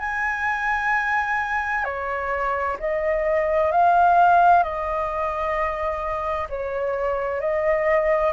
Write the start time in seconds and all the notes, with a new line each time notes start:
0.00 G#5
1.85 C#5
2.80 D#5
3.72 F5
4.64 D#5
6.50 C#5
7.41 D#5